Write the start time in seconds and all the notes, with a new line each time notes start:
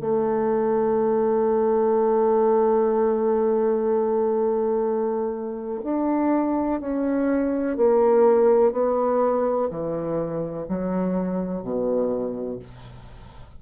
0.00 A3
5.83 D4
6.80 C#4
7.76 A#3
8.71 B3
9.70 E3
10.68 F#3
11.62 B2